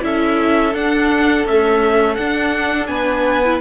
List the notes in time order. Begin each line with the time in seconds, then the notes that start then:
0.00 C#4 E4 A4 E5
0.74 D4 F#5
1.45 A3 C#4 E5
2.15 D4 F#5
2.86 B3 B4 G#5
3.45 E4